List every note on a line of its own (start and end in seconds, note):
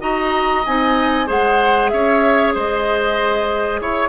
0.00 0.65 D#4
0.00 0.63 F#4
0.00 1.27 D#5
0.00 0.65 A#5
0.66 1.29 C4
0.66 1.26 D#4
0.66 1.29 G#5
1.26 1.92 G#3
1.26 4.09 G#4
1.26 1.90 C5
1.26 1.89 F#5
1.89 2.55 C#4
1.89 2.54 C#5
1.89 2.52 E5
2.54 3.81 G#3
2.54 3.81 C5
2.54 3.81 D#5
3.81 4.09 E4
3.81 4.09 C#5